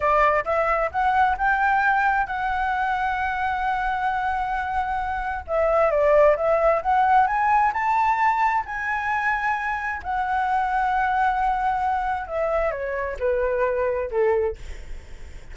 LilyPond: \new Staff \with { instrumentName = "flute" } { \time 4/4 \tempo 4 = 132 d''4 e''4 fis''4 g''4~ | g''4 fis''2.~ | fis''1 | e''4 d''4 e''4 fis''4 |
gis''4 a''2 gis''4~ | gis''2 fis''2~ | fis''2. e''4 | cis''4 b'2 a'4 | }